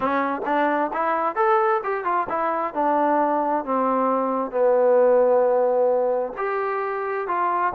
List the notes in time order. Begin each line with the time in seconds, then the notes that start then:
0.00 C#4
0.45 D4
0.93 E4
1.35 A4
1.83 G4
2.04 F4
2.29 E4
2.74 D4
3.64 C4
4.51 B3
6.37 G4
7.27 F4